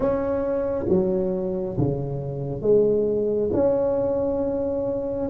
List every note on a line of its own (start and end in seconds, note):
0.00 0.85 C#4
0.88 1.76 F#3
1.78 2.61 C#3
2.61 3.50 G#3
3.53 5.29 C#4